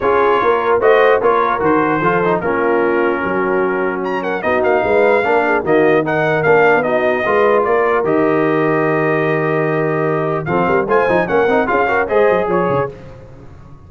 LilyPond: <<
  \new Staff \with { instrumentName = "trumpet" } { \time 4/4 \tempo 4 = 149 cis''2 dis''4 cis''4 | c''2 ais'2~ | ais'2 ais''8 fis''8 dis''8 f''8~ | f''2 dis''4 fis''4 |
f''4 dis''2 d''4 | dis''1~ | dis''2 f''4 gis''4 | fis''4 f''4 dis''4 cis''4 | }
  \new Staff \with { instrumentName = "horn" } { \time 4/4 gis'4 ais'4 c''4 ais'4~ | ais'4 a'4 f'2 | fis'2~ fis'8 ais'8 fis'4 | b'4 ais'8 gis'8 fis'4 ais'4~ |
ais'4 fis'4 b'4 ais'4~ | ais'1~ | ais'2 a'8 ais'8 c''4 | ais'4 gis'8 ais'8 c''4 cis''4 | }
  \new Staff \with { instrumentName = "trombone" } { \time 4/4 f'2 fis'4 f'4 | fis'4 f'8 dis'8 cis'2~ | cis'2. dis'4~ | dis'4 d'4 ais4 dis'4 |
d'4 dis'4 f'2 | g'1~ | g'2 c'4 f'8 dis'8 | cis'8 dis'8 f'8 fis'8 gis'2 | }
  \new Staff \with { instrumentName = "tuba" } { \time 4/4 cis'4 ais4 a4 ais4 | dis4 f4 ais2 | fis2. b8 ais8 | gis4 ais4 dis2 |
ais8. b4~ b16 gis4 ais4 | dis1~ | dis2 f8 g8 a8 f8 | ais8 c'8 cis'4 gis8 fis8 f8 cis8 | }
>>